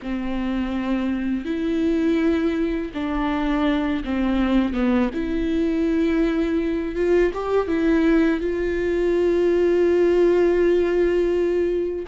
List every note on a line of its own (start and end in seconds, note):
0.02 1.45 C4
1.45 2.91 E4
2.94 4.03 D4
4.04 4.73 C4
4.73 5.10 B3
5.13 6.95 E4
6.95 7.31 F4
7.34 7.67 G4
7.67 8.40 E4
8.40 12.06 F4